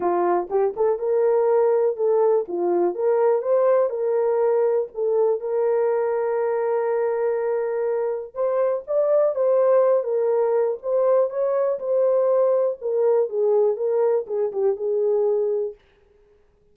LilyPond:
\new Staff \with { instrumentName = "horn" } { \time 4/4 \tempo 4 = 122 f'4 g'8 a'8 ais'2 | a'4 f'4 ais'4 c''4 | ais'2 a'4 ais'4~ | ais'1~ |
ais'4 c''4 d''4 c''4~ | c''8 ais'4. c''4 cis''4 | c''2 ais'4 gis'4 | ais'4 gis'8 g'8 gis'2 | }